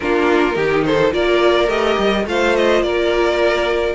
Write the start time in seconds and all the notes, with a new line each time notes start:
0.00 A#3 D4 F4 A#4
0.52 D#3 D#4 G4
0.84 A4 C5
1.10 A#3 F4 A#4 D5
1.68 A3 G4 D#5
1.98 G3
2.26 A3 F4 C5 F5
2.55 D#5
2.81 A#3 A#4 D5